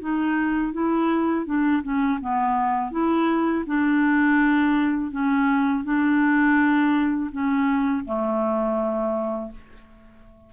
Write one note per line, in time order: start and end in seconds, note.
0.00 0.73 D#4
0.73 1.46 E4
1.46 1.82 D4
1.83 2.19 C#4
2.21 2.91 B3
2.91 3.65 E4
3.67 5.11 D4
5.11 5.84 C#4
5.84 7.31 D4
7.32 8.05 C#4
8.05 9.52 A3